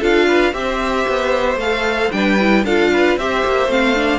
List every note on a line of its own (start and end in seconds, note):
0.00 0.53 D4
0.00 0.52 F4
0.00 0.26 A4
0.00 0.53 F5
0.28 0.54 B4
0.52 1.05 C4
0.52 1.57 G4
0.52 1.59 E5
0.58 2.15 C5
1.08 1.56 B3
1.56 2.08 A3
1.56 2.12 A4
1.56 2.12 F5
2.12 2.64 G3
2.12 2.38 D4
2.12 2.64 B4
2.12 2.64 G5
2.39 2.66 E4
2.64 3.17 D4
2.64 3.19 F4
2.64 2.91 A4
2.64 3.18 F5
2.93 3.19 B4
3.17 3.43 C4
3.17 3.68 G4
3.17 4.19 C5
3.17 3.71 E5
3.45 3.67 A#3
3.67 4.19 A3
3.67 3.95 C4
3.67 4.19 F5
3.95 4.19 D4